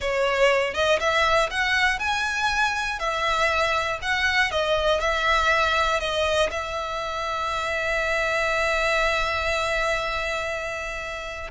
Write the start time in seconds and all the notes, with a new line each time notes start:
0.00 C#5
0.74 D#5
0.99 E5
1.50 F#5
1.99 G#5
2.99 E5
4.01 F#5
4.51 D#5
5.00 E5
6.00 D#5
6.50 E5